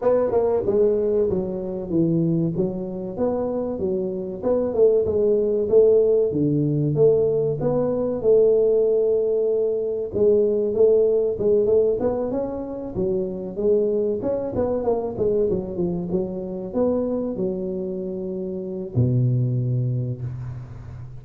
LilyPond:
\new Staff \with { instrumentName = "tuba" } { \time 4/4 \tempo 4 = 95 b8 ais8 gis4 fis4 e4 | fis4 b4 fis4 b8 a8 | gis4 a4 d4 a4 | b4 a2. |
gis4 a4 gis8 a8 b8 cis'8~ | cis'8 fis4 gis4 cis'8 b8 ais8 | gis8 fis8 f8 fis4 b4 fis8~ | fis2 b,2 | }